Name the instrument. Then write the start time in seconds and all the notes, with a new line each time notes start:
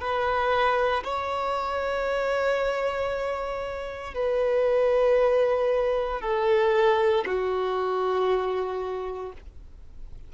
violin
0.00 B4
1.03 C#5
4.14 B4
6.21 A4
7.26 F#4